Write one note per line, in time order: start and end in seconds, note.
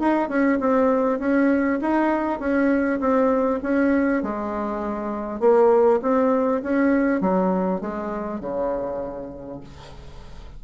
0.00 0.29 D#4
0.29 0.59 C#4
0.61 1.19 C4
1.19 1.79 C#4
1.82 2.40 D#4
2.40 3.00 C#4
3.00 3.60 C4
3.63 4.23 C#4
4.23 5.41 G#3
5.41 6.01 A#3
6.02 6.62 C4
6.63 7.21 C#4
7.21 7.81 F#3
7.81 8.41 G#3
8.41 9.61 C#3